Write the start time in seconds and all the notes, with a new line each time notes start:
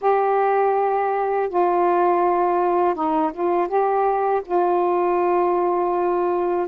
0.01 G4
1.49 F4
2.94 D#4
3.33 F4
3.67 G4
4.45 F4